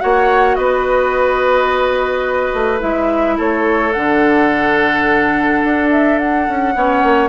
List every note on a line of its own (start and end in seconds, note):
0.00 0.57 A#3
0.00 2.80 F#4
0.00 0.58 C#5
0.00 0.55 F#5
0.55 2.53 B3
0.55 3.37 B4
0.55 2.80 D#5
2.54 2.82 A3
2.80 3.38 G#3
2.80 3.92 E4
2.80 3.38 E5
3.37 3.95 A3
3.37 6.74 A4
3.37 3.93 C#5
3.93 5.64 D3
3.93 6.74 D4
3.93 5.89 F#5
5.64 6.48 D4
5.91 6.19 E5
6.19 7.29 F#5
6.49 6.75 C#4
6.74 7.03 B3
6.74 7.29 C#4
6.74 7.29 C#5
7.03 7.29 A#3